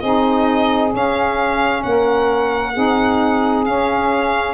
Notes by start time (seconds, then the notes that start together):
0.00 C4 D#4 G#4 D#5
0.90 C#4
0.97 F5
1.83 A#3 A#4 F#5
2.73 C4 D#4 G#4
3.65 C#4 F5